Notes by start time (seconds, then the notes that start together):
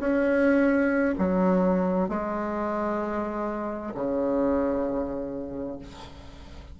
0.00 C#4
1.19 F#3
2.09 G#3
3.94 C#3